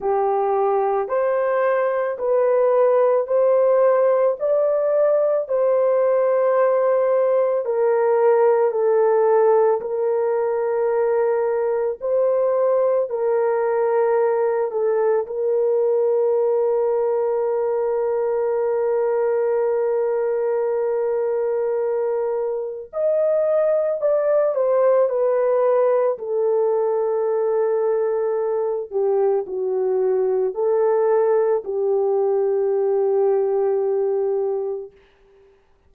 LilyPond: \new Staff \with { instrumentName = "horn" } { \time 4/4 \tempo 4 = 55 g'4 c''4 b'4 c''4 | d''4 c''2 ais'4 | a'4 ais'2 c''4 | ais'4. a'8 ais'2~ |
ais'1~ | ais'4 dis''4 d''8 c''8 b'4 | a'2~ a'8 g'8 fis'4 | a'4 g'2. | }